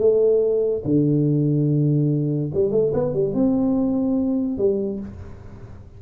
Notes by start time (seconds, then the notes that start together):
0.00 A3
0.86 D3
2.54 G3
2.72 A3
2.94 B3
3.14 G3
3.34 C4
4.59 G3